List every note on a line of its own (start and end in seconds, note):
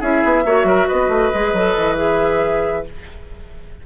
0.00 0.24 C#4
0.00 0.45 E4
0.00 0.44 G#4
0.00 0.88 E5
0.25 0.45 B3
0.45 0.64 A#3
0.45 1.34 F#4
0.45 0.67 C#5
0.64 0.86 F#3
0.64 0.88 A#4
0.88 1.09 B3
0.88 2.85 B4
0.88 1.98 D#5
1.09 1.31 A3
1.34 1.54 G#3
1.34 1.56 G#4
1.54 1.75 F#3
1.54 1.97 A4
1.77 2.87 E3
1.97 2.84 G#4
1.97 2.86 E5